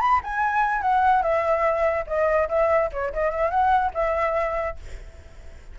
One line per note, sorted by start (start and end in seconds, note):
0.00 0.21 B5
0.23 0.81 G#5
0.81 1.22 F#5
1.22 2.05 E5
2.07 2.48 D#5
2.48 2.90 E5
2.92 3.12 C#5
3.13 3.30 D#5
3.30 3.50 E5
3.50 3.91 F#5
3.94 4.76 E5